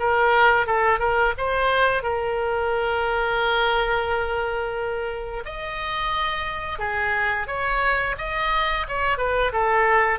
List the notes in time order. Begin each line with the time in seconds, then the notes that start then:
0.00 A#4
0.67 A4
0.99 A#4
1.38 C5
2.03 A#4
5.46 D#5
6.79 G#4
7.48 C#5
8.18 D#5
8.89 C#5
9.18 B4
9.53 A4